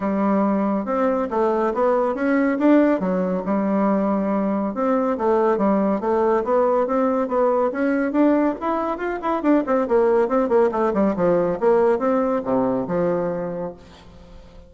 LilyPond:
\new Staff \with { instrumentName = "bassoon" } { \time 4/4 \tempo 4 = 140 g2 c'4 a4 | b4 cis'4 d'4 fis4 | g2. c'4 | a4 g4 a4 b4 |
c'4 b4 cis'4 d'4 | e'4 f'8 e'8 d'8 c'8 ais4 | c'8 ais8 a8 g8 f4 ais4 | c'4 c4 f2 | }